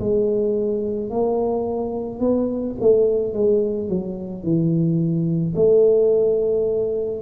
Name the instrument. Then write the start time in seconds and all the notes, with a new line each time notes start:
tuba
0.00 G#3
1.11 A#3
2.20 B3
2.81 A3
3.34 G#3
3.89 F#3
4.43 E3
5.56 A3